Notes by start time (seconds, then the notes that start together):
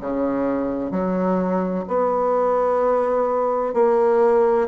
0.00 C#3
0.91 F#3
1.88 B3
3.74 A#3